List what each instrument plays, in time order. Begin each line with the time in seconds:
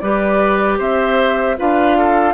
0.00 bassoon G3, clarinet G4, oboe B4, flute D5
0.79 bassoon C4, oboe C5, flute E5
1.57 bassoon D4, clarinet F4, oboe B4, flute F5
1.98 oboe A4